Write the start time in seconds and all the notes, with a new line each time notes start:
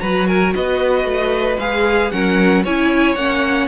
0.00 F#3 F#4 B4 A#5
0.27 A#4 G#5
0.55 B3 B4 D#5
1.05 A3
1.59 G#3 G#4 F5
2.11 F#3 C#4 A#4 F#5
2.64 C#4 E4 C#5 G#5
3.15 A#3 C#4 F#5